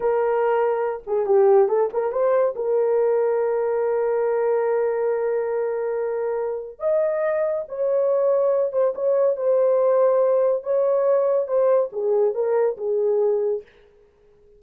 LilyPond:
\new Staff \with { instrumentName = "horn" } { \time 4/4 \tempo 4 = 141 ais'2~ ais'8 gis'8 g'4 | a'8 ais'8 c''4 ais'2~ | ais'1~ | ais'1 |
dis''2 cis''2~ | cis''8 c''8 cis''4 c''2~ | c''4 cis''2 c''4 | gis'4 ais'4 gis'2 | }